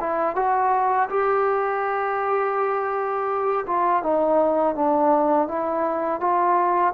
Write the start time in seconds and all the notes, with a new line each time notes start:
0.00 E4
0.36 F#4
1.09 G4
3.67 F4
4.02 D#4
4.75 D4
5.48 E4
6.20 F4